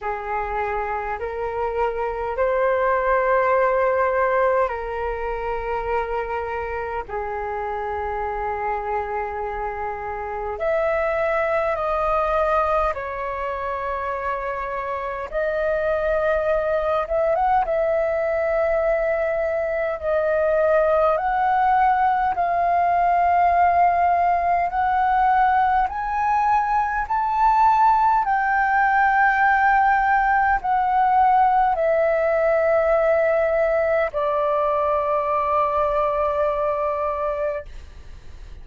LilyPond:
\new Staff \with { instrumentName = "flute" } { \time 4/4 \tempo 4 = 51 gis'4 ais'4 c''2 | ais'2 gis'2~ | gis'4 e''4 dis''4 cis''4~ | cis''4 dis''4. e''16 fis''16 e''4~ |
e''4 dis''4 fis''4 f''4~ | f''4 fis''4 gis''4 a''4 | g''2 fis''4 e''4~ | e''4 d''2. | }